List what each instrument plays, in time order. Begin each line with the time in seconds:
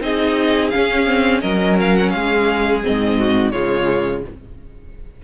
0.00 cello C4, viola D#4, violin G#4 D#5
0.70 viola C#4, cello C#4, violin F5
1.06 viola C4
1.40 cello F#3, viola C#4, violin A#4 D#5
1.80 violin F5
1.96 violin F#5
2.10 cello G#3, violin G#4 F5
2.82 cello G#2, viola C4, violin D#5
3.19 violin F#4
3.51 cello C#3, viola G#3, violin F4 C#5